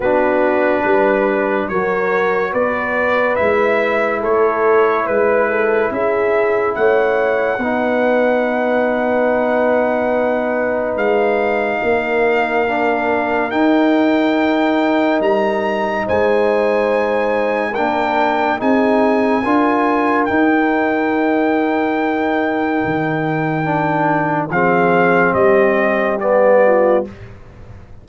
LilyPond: <<
  \new Staff \with { instrumentName = "trumpet" } { \time 4/4 \tempo 4 = 71 b'2 cis''4 d''4 | e''4 cis''4 b'4 e''4 | fis''1~ | fis''4 f''2. |
g''2 ais''4 gis''4~ | gis''4 g''4 gis''2 | g''1~ | g''4 f''4 dis''4 d''4 | }
  \new Staff \with { instrumentName = "horn" } { \time 4/4 fis'4 b'4 ais'4 b'4~ | b'4 a'4 b'8 a'8 gis'4 | cis''4 b'2.~ | b'2 ais'2~ |
ais'2. c''4~ | c''4 ais'4 gis'4 ais'4~ | ais'1~ | ais'4 gis'4 g'4. f'8 | }
  \new Staff \with { instrumentName = "trombone" } { \time 4/4 d'2 fis'2 | e'1~ | e'4 dis'2.~ | dis'2. d'4 |
dis'1~ | dis'4 d'4 dis'4 f'4 | dis'1 | d'4 c'2 b4 | }
  \new Staff \with { instrumentName = "tuba" } { \time 4/4 b4 g4 fis4 b4 | gis4 a4 gis4 cis'4 | a4 b2.~ | b4 gis4 ais2 |
dis'2 g4 gis4~ | gis4 ais4 c'4 d'4 | dis'2. dis4~ | dis4 f4 g2 | }
>>